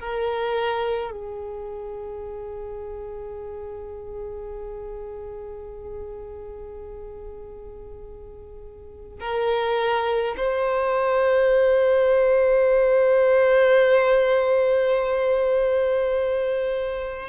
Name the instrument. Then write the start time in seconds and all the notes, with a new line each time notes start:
violin
0.00 A#4
1.11 G#4
9.20 A#4
10.37 C5